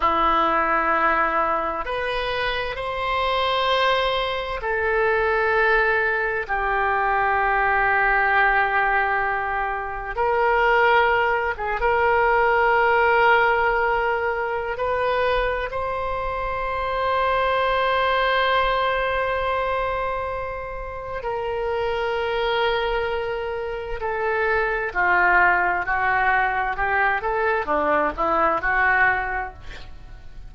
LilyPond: \new Staff \with { instrumentName = "oboe" } { \time 4/4 \tempo 4 = 65 e'2 b'4 c''4~ | c''4 a'2 g'4~ | g'2. ais'4~ | ais'8 gis'16 ais'2.~ ais'16 |
b'4 c''2.~ | c''2. ais'4~ | ais'2 a'4 f'4 | fis'4 g'8 a'8 d'8 e'8 fis'4 | }